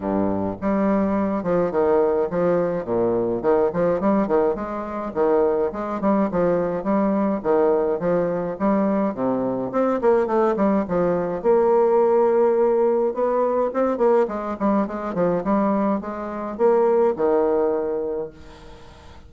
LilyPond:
\new Staff \with { instrumentName = "bassoon" } { \time 4/4 \tempo 4 = 105 g,4 g4. f8 dis4 | f4 ais,4 dis8 f8 g8 dis8 | gis4 dis4 gis8 g8 f4 | g4 dis4 f4 g4 |
c4 c'8 ais8 a8 g8 f4 | ais2. b4 | c'8 ais8 gis8 g8 gis8 f8 g4 | gis4 ais4 dis2 | }